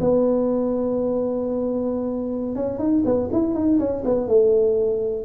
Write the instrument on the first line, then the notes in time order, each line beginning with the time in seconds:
tuba
0.00 B3
2.55 C#4
2.79 D#4
3.05 B3
3.32 E4
3.54 D#4
3.79 C#4
4.05 B3
4.27 A3